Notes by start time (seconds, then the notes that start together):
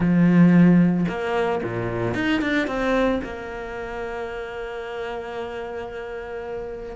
0.00 F3
1.08 A#3
1.63 A#2
2.14 D#4
2.41 D4
2.67 C4
3.23 A#3